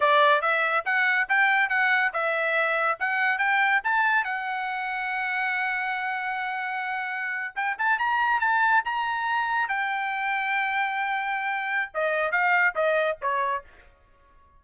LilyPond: \new Staff \with { instrumentName = "trumpet" } { \time 4/4 \tempo 4 = 141 d''4 e''4 fis''4 g''4 | fis''4 e''2 fis''4 | g''4 a''4 fis''2~ | fis''1~ |
fis''4.~ fis''16 g''8 a''8 ais''4 a''16~ | a''8. ais''2 g''4~ g''16~ | g''1 | dis''4 f''4 dis''4 cis''4 | }